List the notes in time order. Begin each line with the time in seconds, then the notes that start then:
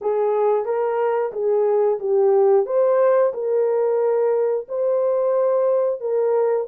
0.01 G#4
0.65 A#4
1.32 G#4
1.99 G4
2.65 C5
3.33 A#4
4.68 C5
6.00 A#4